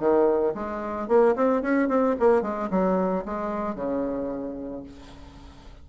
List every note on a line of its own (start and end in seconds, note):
0.00 0.54 D#3
0.55 1.08 G#3
1.08 1.35 A#3
1.36 1.62 C4
1.62 1.89 C#4
1.89 2.16 C4
2.20 2.43 A#3
2.43 2.70 G#3
2.71 3.25 F#3
3.26 3.76 G#3
3.76 4.84 C#3